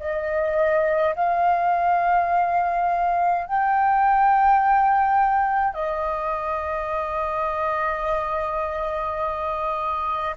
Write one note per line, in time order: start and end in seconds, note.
0.00 1.15 D#5
1.15 3.46 F5
3.47 5.74 G5
5.74 10.35 D#5